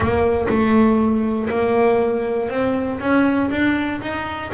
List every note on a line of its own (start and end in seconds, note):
0.00 0.46 A#3
0.49 1.49 A3
1.49 2.49 A#3
2.49 2.99 C4
3.00 3.50 C#4
3.50 4.00 D4
4.01 4.51 D#4